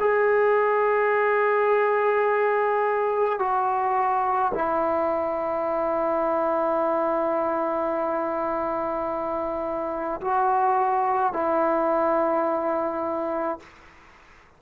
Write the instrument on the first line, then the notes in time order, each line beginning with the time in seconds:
trombone
0.00 G#4
3.39 F#4
4.54 E4
10.21 F#4
11.33 E4